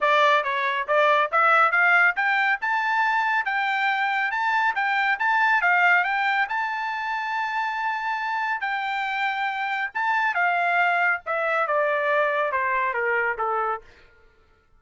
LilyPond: \new Staff \with { instrumentName = "trumpet" } { \time 4/4 \tempo 4 = 139 d''4 cis''4 d''4 e''4 | f''4 g''4 a''2 | g''2 a''4 g''4 | a''4 f''4 g''4 a''4~ |
a''1 | g''2. a''4 | f''2 e''4 d''4~ | d''4 c''4 ais'4 a'4 | }